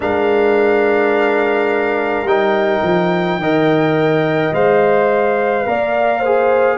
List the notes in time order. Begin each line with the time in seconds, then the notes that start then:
0.00 G#3 D4 A#4 F5
2.22 G3 D#4 G5
2.83 F3
3.37 D#3 A#4 D#5
4.52 G#3 C5 F5
5.66 A#3 A#4 D5
6.19 C5
6.25 G#4